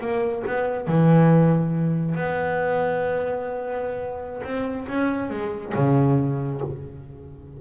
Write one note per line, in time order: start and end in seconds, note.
0.00 0.43 A#3
0.46 0.87 B3
0.87 2.15 E3
2.15 4.41 B3
4.43 4.86 C4
4.88 5.30 C#4
5.30 5.73 G#3
5.74 6.61 C#3